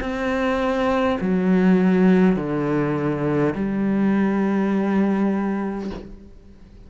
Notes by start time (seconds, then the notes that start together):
0.00 C4
1.20 F#3
2.36 D3
3.55 G3